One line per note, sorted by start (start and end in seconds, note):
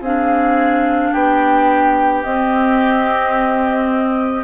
0.00 1.11 C4
0.00 2.24 D4
0.00 1.11 G#4
0.00 1.12 F5
1.11 2.24 B3
1.11 4.44 G4
1.11 2.23 G5
2.23 4.44 C4
2.23 4.44 D#5